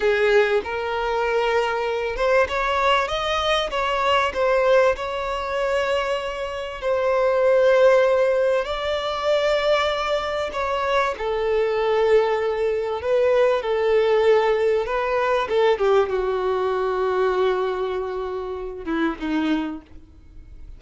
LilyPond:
\new Staff \with { instrumentName = "violin" } { \time 4/4 \tempo 4 = 97 gis'4 ais'2~ ais'8 c''8 | cis''4 dis''4 cis''4 c''4 | cis''2. c''4~ | c''2 d''2~ |
d''4 cis''4 a'2~ | a'4 b'4 a'2 | b'4 a'8 g'8 fis'2~ | fis'2~ fis'8 e'8 dis'4 | }